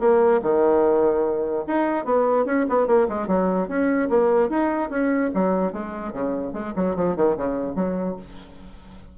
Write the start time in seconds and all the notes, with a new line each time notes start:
0.00 A#3
0.43 D#3
1.67 D#4
2.05 B3
2.46 C#4
2.69 B3
2.87 A#3
3.09 G#3
3.28 F#3
3.69 C#4
4.10 A#3
4.50 D#4
4.90 C#4
5.35 F#3
5.73 G#3
6.13 C#3
6.53 G#3
6.76 F#3
6.96 F3
7.17 D#3
7.37 C#3
7.76 F#3